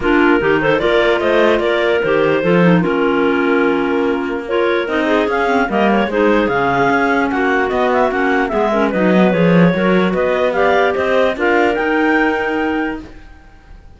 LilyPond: <<
  \new Staff \with { instrumentName = "clarinet" } { \time 4/4 \tempo 4 = 148 ais'4. c''8 d''4 dis''4 | d''4 c''2 ais'4~ | ais'2. cis''4 | dis''4 f''4 dis''8 cis''8 c''4 |
f''2 fis''4 dis''8 e''8 | fis''4 e''4 dis''4 cis''4~ | cis''4 dis''4 f''4 dis''4 | f''4 g''2. | }
  \new Staff \with { instrumentName = "clarinet" } { \time 4/4 f'4 g'8 a'8 ais'4 c''4 | ais'2 a'4 f'4~ | f'2. ais'4~ | ais'8 gis'4. ais'4 gis'4~ |
gis'2 fis'2~ | fis'4 gis'8 ais'8 b'2 | ais'4 b'4 d''4 c''4 | ais'1 | }
  \new Staff \with { instrumentName = "clarinet" } { \time 4/4 d'4 dis'4 f'2~ | f'4 g'4 f'8 dis'8 cis'4~ | cis'2. f'4 | dis'4 cis'8 c'8 ais4 dis'4 |
cis'2. b4 | cis'4 b8 cis'8 dis'8 b8 gis'4 | fis'2 g'2 | f'4 dis'2. | }
  \new Staff \with { instrumentName = "cello" } { \time 4/4 ais4 dis4 ais4 a4 | ais4 dis4 f4 ais4~ | ais1 | c'4 cis'4 g4 gis4 |
cis4 cis'4 ais4 b4 | ais4 gis4 fis4 f4 | fis4 b2 c'4 | d'4 dis'2. | }
>>